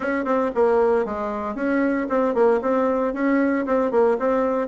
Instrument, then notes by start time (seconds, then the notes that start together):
bassoon
0.00 C#4
0.24 C4
0.54 A#3
1.05 G#3
1.55 C#4
2.09 C4
2.34 A#3
2.61 C4
3.13 C#4
3.66 C4
3.91 A#3
4.19 C4